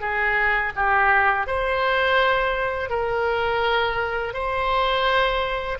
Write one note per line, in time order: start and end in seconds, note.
0.00 0.72 G#4
0.75 1.47 G4
1.47 2.89 C5
2.89 4.33 A#4
4.33 5.78 C5